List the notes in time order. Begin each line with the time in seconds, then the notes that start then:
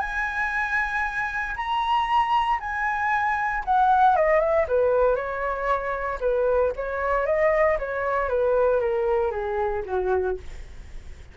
0.00 G#5
1.56 A#5
2.60 G#5
3.65 F#5
4.16 D#5
4.40 E5
4.68 B4
5.16 C#5
6.20 B4
6.76 C#5
7.26 D#5
7.79 C#5
8.29 B4
8.80 A#4
9.31 G#4
9.86 F#4